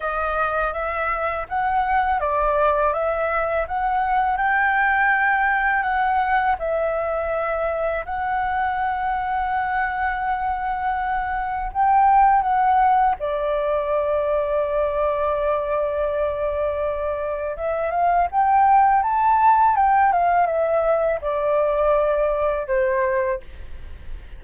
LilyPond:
\new Staff \with { instrumentName = "flute" } { \time 4/4 \tempo 4 = 82 dis''4 e''4 fis''4 d''4 | e''4 fis''4 g''2 | fis''4 e''2 fis''4~ | fis''1 |
g''4 fis''4 d''2~ | d''1 | e''8 f''8 g''4 a''4 g''8 f''8 | e''4 d''2 c''4 | }